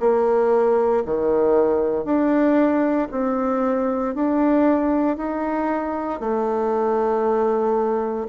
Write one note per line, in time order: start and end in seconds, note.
0.00 1.03 A#3
1.05 2.04 D#3
2.04 3.08 D4
3.11 4.14 C4
4.15 5.17 D4
5.17 6.20 D#4
6.20 8.27 A3